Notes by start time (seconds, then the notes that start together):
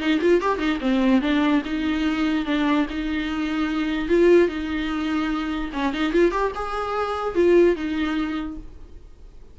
0.00 D#4
0.21 F4
0.42 G4
0.59 D#4
0.81 C4
1.22 D4
1.65 D#4
2.46 D4
2.90 D#4
4.09 F4
4.49 D#4
5.73 C#4
5.94 D#4
6.13 F4
6.32 G4
6.55 G#4
7.35 F4
7.76 D#4